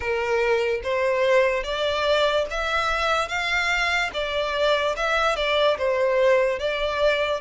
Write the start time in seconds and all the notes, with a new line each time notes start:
0.00 A#4
0.83 C5
1.63 D5
2.50 E5
3.28 F5
4.13 D5
4.96 E5
5.36 D5
5.78 C5
6.59 D5